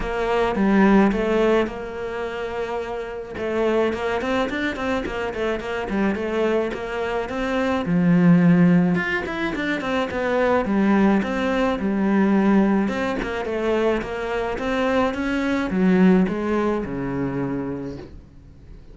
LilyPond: \new Staff \with { instrumentName = "cello" } { \time 4/4 \tempo 4 = 107 ais4 g4 a4 ais4~ | ais2 a4 ais8 c'8 | d'8 c'8 ais8 a8 ais8 g8 a4 | ais4 c'4 f2 |
f'8 e'8 d'8 c'8 b4 g4 | c'4 g2 c'8 ais8 | a4 ais4 c'4 cis'4 | fis4 gis4 cis2 | }